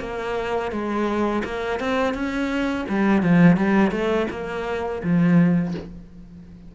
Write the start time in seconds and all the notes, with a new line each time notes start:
0.00 A#3
0.71 G#3
1.44 A#3
1.80 C4
2.14 C#4
2.89 G3
3.22 F3
3.57 G3
3.91 A3
4.31 A#3
5.03 F3